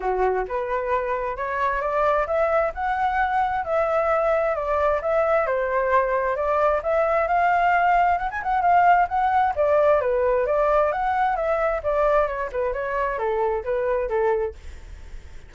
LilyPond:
\new Staff \with { instrumentName = "flute" } { \time 4/4 \tempo 4 = 132 fis'4 b'2 cis''4 | d''4 e''4 fis''2 | e''2 d''4 e''4 | c''2 d''4 e''4 |
f''2 fis''16 gis''16 fis''8 f''4 | fis''4 d''4 b'4 d''4 | fis''4 e''4 d''4 cis''8 b'8 | cis''4 a'4 b'4 a'4 | }